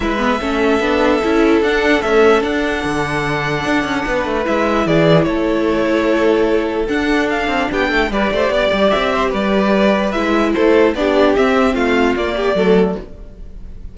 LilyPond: <<
  \new Staff \with { instrumentName = "violin" } { \time 4/4 \tempo 4 = 148 e''1 | fis''4 e''4 fis''2~ | fis''2. e''4 | d''4 cis''2.~ |
cis''4 fis''4 f''4 g''4 | d''2 e''4 d''4~ | d''4 e''4 c''4 d''4 | e''4 f''4 d''2 | }
  \new Staff \with { instrumentName = "violin" } { \time 4/4 b'4 a'2.~ | a'1~ | a'2 b'2 | gis'4 a'2.~ |
a'2. g'8 a'8 | b'8 c''8 d''4. c''8 b'4~ | b'2 a'4 g'4~ | g'4 f'4. g'8 a'4 | }
  \new Staff \with { instrumentName = "viola" } { \time 4/4 e'8 b8 cis'4 d'4 e'4 | d'4 a4 d'2~ | d'2. e'4~ | e'1~ |
e'4 d'2. | g'1~ | g'4 e'2 d'4 | c'2 ais4 a4 | }
  \new Staff \with { instrumentName = "cello" } { \time 4/4 gis4 a4 b4 cis'4 | d'4 cis'4 d'4 d4~ | d4 d'8 cis'8 b8 a8 gis4 | e4 a2.~ |
a4 d'4. c'8 b8 a8 | g8 a8 b8 g8 c'4 g4~ | g4 gis4 a4 b4 | c'4 a4 ais4 fis4 | }
>>